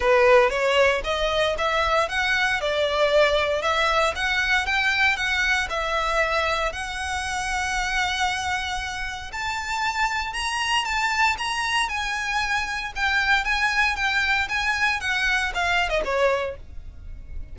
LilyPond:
\new Staff \with { instrumentName = "violin" } { \time 4/4 \tempo 4 = 116 b'4 cis''4 dis''4 e''4 | fis''4 d''2 e''4 | fis''4 g''4 fis''4 e''4~ | e''4 fis''2.~ |
fis''2 a''2 | ais''4 a''4 ais''4 gis''4~ | gis''4 g''4 gis''4 g''4 | gis''4 fis''4 f''8. dis''16 cis''4 | }